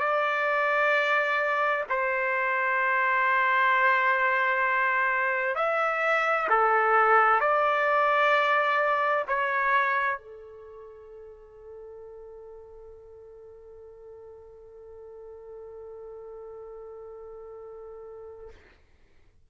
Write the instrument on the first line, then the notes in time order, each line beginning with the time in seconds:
trumpet
0.00 D5
1.90 C5
5.56 E5
6.50 A4
7.41 D5
9.28 C#5
10.18 A4